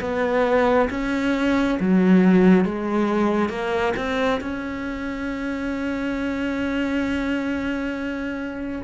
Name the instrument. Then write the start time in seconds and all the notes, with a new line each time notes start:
cello
0.00 B3
0.90 C#4
1.80 F#3
2.65 G#3
3.49 A#3
3.96 C4
4.40 C#4